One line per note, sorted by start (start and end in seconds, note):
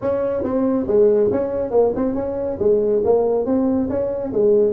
0.01 0.43 C#4
0.43 0.86 C4
0.87 1.30 G#3
1.31 1.70 C#4
1.70 1.92 A#3
1.95 2.14 C4
2.14 2.58 C#4
2.59 3.02 G#3
3.04 3.45 A#3
3.45 3.88 C4
3.89 4.32 C#4
4.32 4.72 G#3